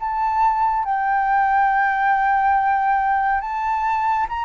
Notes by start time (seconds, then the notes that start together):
0.00 A5
0.85 G5
3.41 A5
4.29 A#5